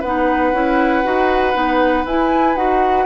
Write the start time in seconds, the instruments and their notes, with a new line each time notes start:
0.00 bassoon B3, clarinet D#4, oboe B4, flute F#5
0.52 bassoon C#4, clarinet E4
1.03 bassoon D#4, clarinet F#4
1.53 bassoon B3, clarinet D#4
2.05 bassoon E4, clarinet E4, flute G#5
2.55 bassoon D#4, clarinet F#4, flute F#5